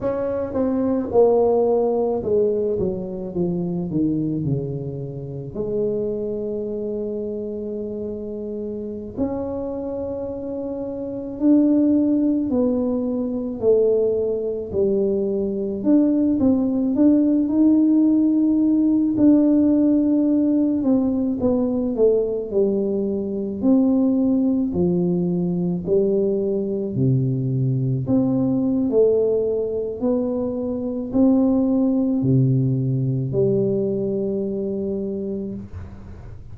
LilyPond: \new Staff \with { instrumentName = "tuba" } { \time 4/4 \tempo 4 = 54 cis'8 c'8 ais4 gis8 fis8 f8 dis8 | cis4 gis2.~ | gis16 cis'2 d'4 b8.~ | b16 a4 g4 d'8 c'8 d'8 dis'16~ |
dis'4~ dis'16 d'4. c'8 b8 a16~ | a16 g4 c'4 f4 g8.~ | g16 c4 c'8. a4 b4 | c'4 c4 g2 | }